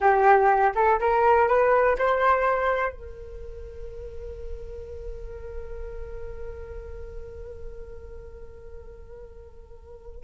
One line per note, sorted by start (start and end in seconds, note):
0.00 0.73 G4
0.75 0.99 A4
1.00 1.47 A#4
1.47 1.96 B4
1.98 2.92 C5
2.92 10.23 A#4